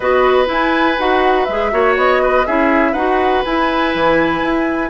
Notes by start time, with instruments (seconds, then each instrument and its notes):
0.00 bassoon B3, clarinet F#4, oboe B4, flute D#5
0.45 clarinet E4, bassoon E4, flute G#5
0.98 bassoon D#4, clarinet F#4, flute F#5
1.44 bassoon G#3, clarinet G#4, flute E5
1.71 bassoon A#3, clarinet F#4, oboe C#5
1.96 bassoon B3, flute D#5
2.22 oboe B4
2.45 bassoon C#4, clarinet E4, oboe G#4, flute E5
2.92 bassoon D#4, clarinet F#4, oboe B4, flute F#5
3.44 clarinet E4, bassoon E4, flute G#5
3.94 bassoon E3
4.42 bassoon E4